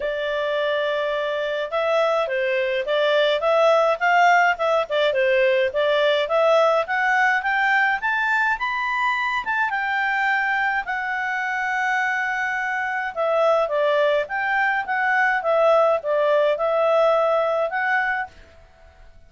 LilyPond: \new Staff \with { instrumentName = "clarinet" } { \time 4/4 \tempo 4 = 105 d''2. e''4 | c''4 d''4 e''4 f''4 | e''8 d''8 c''4 d''4 e''4 | fis''4 g''4 a''4 b''4~ |
b''8 a''8 g''2 fis''4~ | fis''2. e''4 | d''4 g''4 fis''4 e''4 | d''4 e''2 fis''4 | }